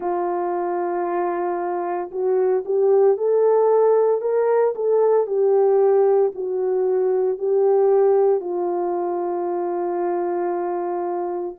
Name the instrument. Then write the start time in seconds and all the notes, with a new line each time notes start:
horn
0.00 F4
2.11 F#4
2.65 G4
3.17 A4
4.21 A#4
4.75 A4
5.26 G4
6.34 F#4
7.38 G4
8.40 F4